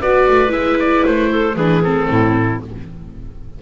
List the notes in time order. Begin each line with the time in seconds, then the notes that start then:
0.00 B3 F#4 B4 D5
0.28 A3
0.48 G#3 E4 E5
0.79 D5
1.05 A3 C5
1.30 A4
1.55 E3 D4 G#4 B4
1.82 C4 A4
2.09 A2 E4